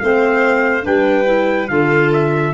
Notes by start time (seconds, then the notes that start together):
0.00 A3 C4 C5 F5
0.82 G3 D4 B4 G5
1.25 E4
1.69 D3 F4 A4 F5
2.14 E5